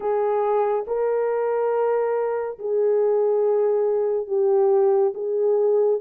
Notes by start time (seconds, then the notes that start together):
0.00 G#4
0.86 A#4
2.58 G#4
4.27 G4
5.14 G#4